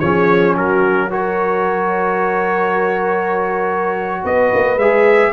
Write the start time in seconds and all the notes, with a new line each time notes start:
0.00 F3 C#4 G#4 C#5
0.55 F#3 F#4 A#4
1.10 F#4 A#4 C#5
4.24 B3 B4 D#5
4.54 A#3
4.76 G#3 G#4 E5